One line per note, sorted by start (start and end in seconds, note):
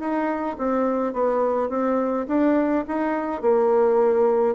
0.00 0.57 D#4
0.58 1.14 C4
1.14 1.70 B3
1.70 2.27 C4
2.28 2.85 D4
2.88 3.42 D#4
3.42 4.56 A#3